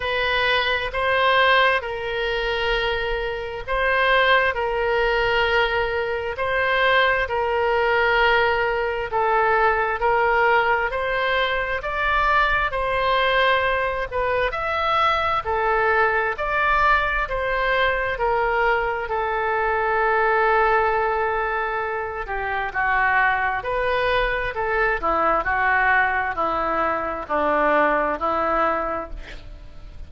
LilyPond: \new Staff \with { instrumentName = "oboe" } { \time 4/4 \tempo 4 = 66 b'4 c''4 ais'2 | c''4 ais'2 c''4 | ais'2 a'4 ais'4 | c''4 d''4 c''4. b'8 |
e''4 a'4 d''4 c''4 | ais'4 a'2.~ | a'8 g'8 fis'4 b'4 a'8 e'8 | fis'4 e'4 d'4 e'4 | }